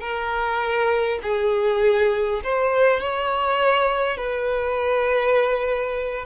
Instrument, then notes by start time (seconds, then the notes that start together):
violin
0.00 A#4
1.22 G#4
2.43 C5
3.00 C#5
4.17 B4